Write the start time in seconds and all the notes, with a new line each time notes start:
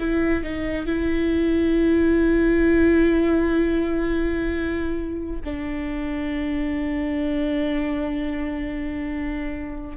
0.00 E4
0.43 D#4
0.86 E4
5.44 D4